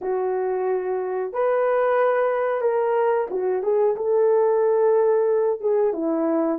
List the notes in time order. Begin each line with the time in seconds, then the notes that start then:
0.01 F#4
1.32 B4
2.61 A#4
3.30 F#4
3.62 G#4
3.96 A4
5.60 G#4
5.93 E4